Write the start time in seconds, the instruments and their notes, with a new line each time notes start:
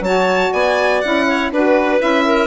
0.00 bassoon F#3, saxophone F#4, clarinet C#5, violin A5
0.52 bassoon B3, clarinet D5, violin G#5
1.01 bassoon C#4, saxophone E4, violin F#5
1.27 clarinet C#5
1.51 bassoon D4, saxophone F#4, clarinet B4, violin B4
1.98 bassoon C#4, saxophone E4, violin E5
2.25 clarinet A#4